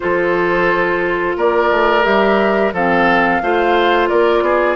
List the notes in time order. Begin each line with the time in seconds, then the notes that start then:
0.00 F3 F4 A4 C5
1.37 A#3 A#4 D5
1.70 A3
2.03 G3 G4 E5
2.73 F3 C4 A4 F5
3.41 A3 F4 C5
4.08 A#3 A#4 D5
4.41 B3 G#4